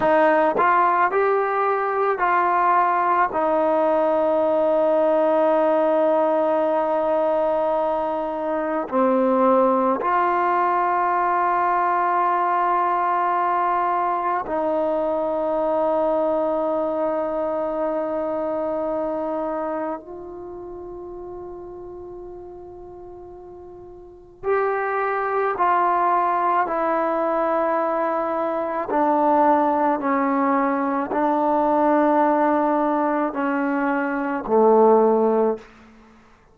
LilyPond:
\new Staff \with { instrumentName = "trombone" } { \time 4/4 \tempo 4 = 54 dis'8 f'8 g'4 f'4 dis'4~ | dis'1 | c'4 f'2.~ | f'4 dis'2.~ |
dis'2 f'2~ | f'2 g'4 f'4 | e'2 d'4 cis'4 | d'2 cis'4 a4 | }